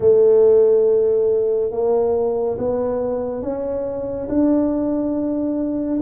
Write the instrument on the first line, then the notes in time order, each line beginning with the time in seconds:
tuba
0.00 A3
1.71 A#3
2.58 B3
3.42 C#4
4.28 D4